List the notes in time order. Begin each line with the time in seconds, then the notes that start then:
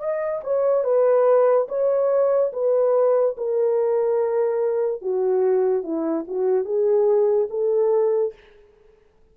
0.00 D#5
0.44 C#5
0.84 B4
1.69 C#5
2.53 B4
3.38 A#4
5.02 F#4
5.84 E4
6.28 F#4
6.65 G#4
7.51 A4